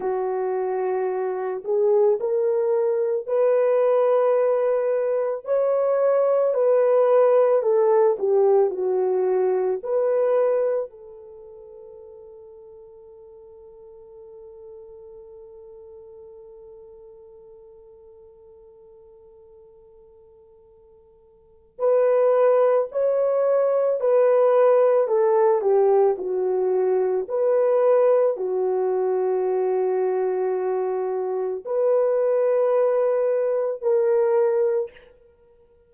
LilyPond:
\new Staff \with { instrumentName = "horn" } { \time 4/4 \tempo 4 = 55 fis'4. gis'8 ais'4 b'4~ | b'4 cis''4 b'4 a'8 g'8 | fis'4 b'4 a'2~ | a'1~ |
a'1 | b'4 cis''4 b'4 a'8 g'8 | fis'4 b'4 fis'2~ | fis'4 b'2 ais'4 | }